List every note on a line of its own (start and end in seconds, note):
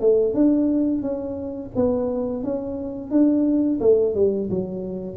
0.00 0.34 A3
0.34 1.02 D4
1.02 1.71 C#4
1.75 2.43 B3
2.43 3.10 C#4
3.10 3.79 D4
3.80 4.15 A3
4.15 4.49 G3
4.50 5.16 F#3